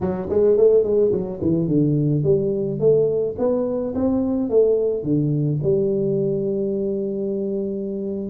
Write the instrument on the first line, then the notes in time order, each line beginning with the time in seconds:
tuba
0.00 F#3
0.29 G#3
0.57 A3
0.83 G#3
1.12 F#3
1.41 E3
1.67 D3
2.23 G3
2.79 A3
3.38 B3
3.94 C4
4.49 A3
5.03 D3
5.63 G3